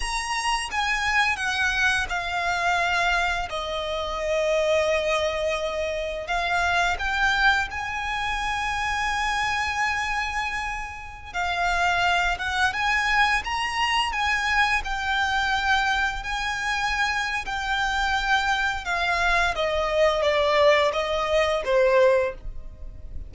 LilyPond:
\new Staff \with { instrumentName = "violin" } { \time 4/4 \tempo 4 = 86 ais''4 gis''4 fis''4 f''4~ | f''4 dis''2.~ | dis''4 f''4 g''4 gis''4~ | gis''1~ |
gis''16 f''4. fis''8 gis''4 ais''8.~ | ais''16 gis''4 g''2 gis''8.~ | gis''4 g''2 f''4 | dis''4 d''4 dis''4 c''4 | }